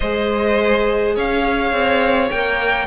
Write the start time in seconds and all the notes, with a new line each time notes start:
0.00 G#3 G#4 C5 D#5
1.15 C#4 C#5 F5
1.72 C4
2.30 A#3 A#4 G5